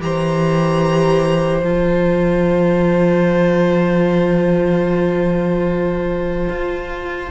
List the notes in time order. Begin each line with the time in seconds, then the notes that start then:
0.00 E3 G4 C5 A#5
1.62 F3 F4 A5
6.50 F4